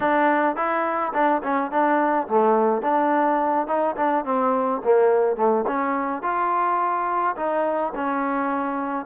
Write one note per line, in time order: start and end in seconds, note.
0.00 0.56 D4
0.56 1.12 E4
1.13 1.42 D4
1.43 1.71 C#4
1.71 2.27 D4
2.27 2.82 A3
2.82 3.67 D4
3.67 3.95 D#4
3.96 4.24 D4
4.25 4.81 C4
4.84 5.36 A#3
5.36 5.64 A3
5.67 6.22 C#4
6.22 7.35 F4
7.36 7.92 D#4
7.95 9.05 C#4